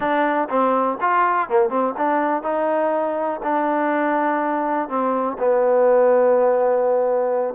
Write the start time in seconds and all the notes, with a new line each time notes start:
0.00 D4
0.49 C4
1.00 F4
1.48 A#3
1.69 C4
1.97 D4
2.42 D#4
3.43 D4
4.88 C4
5.38 B3